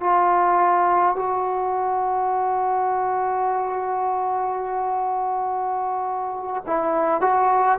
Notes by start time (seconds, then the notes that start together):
0.00 F4
1.15 F#4
6.67 E4
7.21 F#4